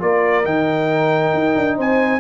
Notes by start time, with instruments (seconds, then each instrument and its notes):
0.00 tuba A#3, trombone F4, horn A#4, trumpet D5
0.44 tuba D#3, trombone D#4, trumpet G5
1.33 tuba D#4
1.56 tuba D4
1.77 tuba C4, horn C5, trumpet G#5